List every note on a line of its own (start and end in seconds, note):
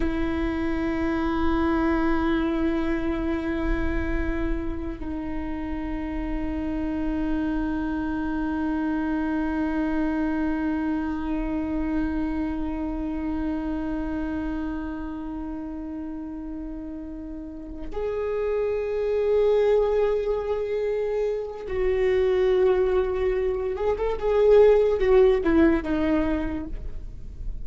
0.00 4.98 E4
4.99 17.91 D#4
17.92 21.67 G#4
21.67 23.75 F#4
23.76 23.97 G#4
23.97 24.18 A4
24.19 24.99 G#4
24.99 25.41 F#4
25.43 25.83 E4
25.83 26.66 D#4